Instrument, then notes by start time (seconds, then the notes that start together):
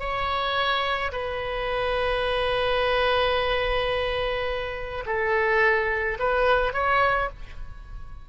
oboe
0.00 C#5
1.12 B4
5.06 A4
6.20 B4
6.74 C#5